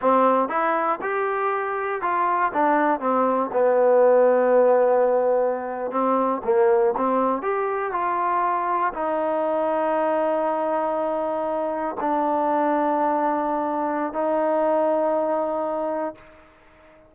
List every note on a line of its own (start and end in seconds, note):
0.01 0.48 C4
0.48 0.99 E4
1.01 2.01 G4
2.01 2.52 F4
2.53 3.00 D4
3.00 3.50 C4
3.52 5.91 B3
5.91 6.41 C4
6.44 6.94 A#3
6.96 7.42 C4
7.42 7.92 G4
7.92 8.92 F4
8.93 11.96 D#4
12.00 14.13 D4
14.13 16.15 D#4